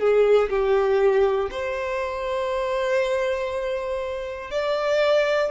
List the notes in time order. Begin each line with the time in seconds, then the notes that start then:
0.00 G#4
0.50 G4
1.51 C5
4.51 D5